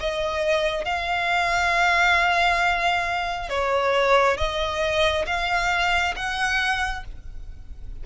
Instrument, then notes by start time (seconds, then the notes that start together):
violin
0.00 D#5
0.85 F5
3.49 C#5
4.37 D#5
5.26 F5
6.16 F#5